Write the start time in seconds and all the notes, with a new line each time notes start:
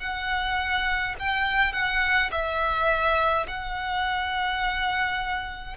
0.00 F#5
1.20 G5
1.73 F#5
2.31 E5
3.48 F#5